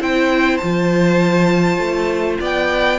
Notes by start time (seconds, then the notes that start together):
0.00 C4 E4 C5 G5
0.57 F3 F4 A5
1.78 A3
2.40 B3 D5 G5